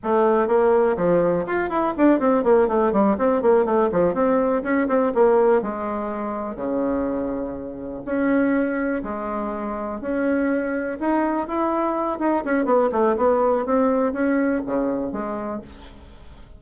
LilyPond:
\new Staff \with { instrumentName = "bassoon" } { \time 4/4 \tempo 4 = 123 a4 ais4 f4 f'8 e'8 | d'8 c'8 ais8 a8 g8 c'8 ais8 a8 | f8 c'4 cis'8 c'8 ais4 gis8~ | gis4. cis2~ cis8~ |
cis8 cis'2 gis4.~ | gis8 cis'2 dis'4 e'8~ | e'4 dis'8 cis'8 b8 a8 b4 | c'4 cis'4 cis4 gis4 | }